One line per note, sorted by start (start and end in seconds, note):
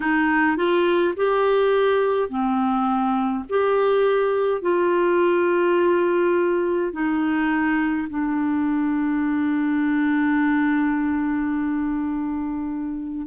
0.00 0.56 D#4
0.56 1.14 F4
1.16 2.29 G4
2.29 3.44 C4
3.49 4.61 G4
4.61 6.92 F4
6.92 8.08 D#4
8.09 13.26 D4